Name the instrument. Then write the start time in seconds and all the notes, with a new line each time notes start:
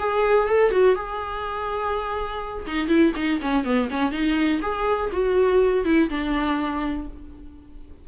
viola
0.00 G#4
0.49 A4
0.72 F#4
0.96 G#4
2.67 D#4
2.88 E4
3.16 D#4
3.42 C#4
3.65 B3
3.91 C#4
4.12 D#4
4.62 G#4
5.13 F#4
5.85 E4
6.10 D4